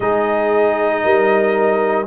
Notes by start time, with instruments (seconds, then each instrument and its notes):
0.00 tuba G#3, trombone D#4, horn G#4, trumpet D#5
1.04 tuba G3, horn A#4